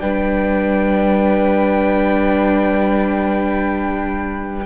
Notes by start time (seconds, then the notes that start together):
0.00 G3 D4 B4 G5